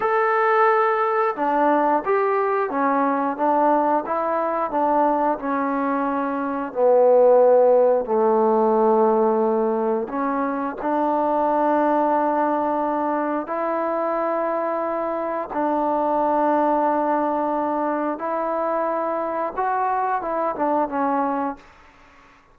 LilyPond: \new Staff \with { instrumentName = "trombone" } { \time 4/4 \tempo 4 = 89 a'2 d'4 g'4 | cis'4 d'4 e'4 d'4 | cis'2 b2 | a2. cis'4 |
d'1 | e'2. d'4~ | d'2. e'4~ | e'4 fis'4 e'8 d'8 cis'4 | }